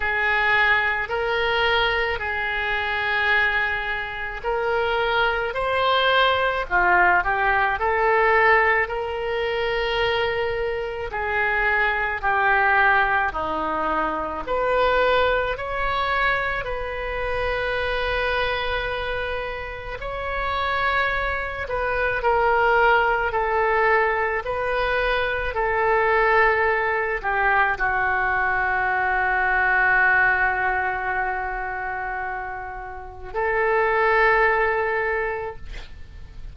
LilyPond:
\new Staff \with { instrumentName = "oboe" } { \time 4/4 \tempo 4 = 54 gis'4 ais'4 gis'2 | ais'4 c''4 f'8 g'8 a'4 | ais'2 gis'4 g'4 | dis'4 b'4 cis''4 b'4~ |
b'2 cis''4. b'8 | ais'4 a'4 b'4 a'4~ | a'8 g'8 fis'2.~ | fis'2 a'2 | }